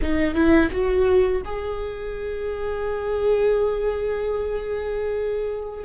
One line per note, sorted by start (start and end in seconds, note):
0.01 0.34 D#4
0.34 0.69 E4
0.71 1.41 F#4
1.44 5.84 G#4